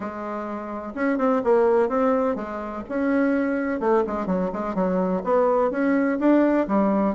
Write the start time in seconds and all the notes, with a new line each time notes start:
0.00 G#3
0.95 C#4
1.18 C4
1.44 A#3
1.89 C4
2.35 G#3
2.89 C#4
3.80 A3
4.06 G#3
4.26 F#3
4.52 G#3
4.74 F#3
5.23 B3
5.70 C#4
6.19 D4
6.67 G3